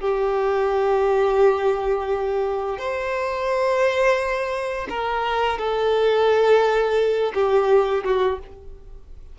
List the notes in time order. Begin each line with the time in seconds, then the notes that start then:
0.00 G4
2.78 C5
4.89 A#4
5.58 A4
7.34 G4
8.04 F#4